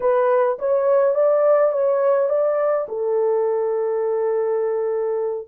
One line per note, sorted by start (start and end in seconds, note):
0.00 0.58 B4
0.58 1.14 C#5
1.14 1.72 D5
1.72 2.29 C#5
2.29 2.87 D5
2.88 5.48 A4